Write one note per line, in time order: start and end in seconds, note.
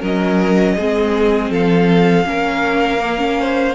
0.00 0.77 F#3
0.00 0.78 C#4
0.00 0.75 A#4
0.00 1.53 D#5
0.76 1.50 G#3
0.76 2.25 C4
0.76 1.51 G#4
1.50 2.25 F3
1.50 2.26 A4
1.50 3.75 F5
2.25 3.75 A#3
2.25 2.99 C#4
2.25 3.40 A#4
2.99 3.18 A#3
3.18 3.74 C#4
3.40 3.75 C5